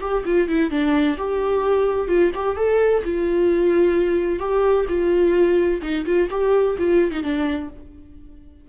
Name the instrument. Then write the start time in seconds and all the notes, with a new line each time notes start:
viola
0.00 G4
0.25 F4
0.48 E4
0.70 D4
1.17 G4
2.08 F4
2.34 G4
2.56 A4
3.04 F4
4.39 G4
4.88 F4
5.82 D#4
6.05 F4
6.30 G4
6.78 F4
7.11 D#4
7.22 D4